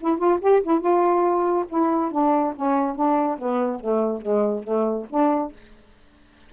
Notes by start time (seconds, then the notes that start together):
0.00 E4
0.18 F4
0.41 G4
0.63 E4
0.80 F4
1.69 E4
2.11 D4
2.56 C#4
2.95 D4
3.38 B3
3.80 A3
4.21 G#3
4.63 A3
5.09 D4